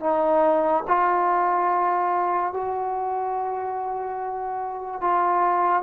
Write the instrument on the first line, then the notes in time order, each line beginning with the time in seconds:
trombone
0.00 D#4
0.87 F4
2.53 F#4
5.01 F4